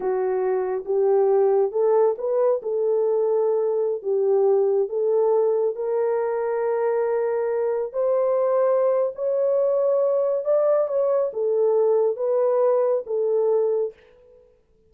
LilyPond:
\new Staff \with { instrumentName = "horn" } { \time 4/4 \tempo 4 = 138 fis'2 g'2 | a'4 b'4 a'2~ | a'4~ a'16 g'2 a'8.~ | a'4~ a'16 ais'2~ ais'8.~ |
ais'2~ ais'16 c''4.~ c''16~ | c''4 cis''2. | d''4 cis''4 a'2 | b'2 a'2 | }